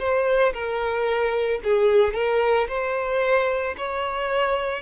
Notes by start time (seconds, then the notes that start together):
0.00 C5
0.54 A#4
1.64 G#4
2.14 A#4
2.69 C5
3.78 C#5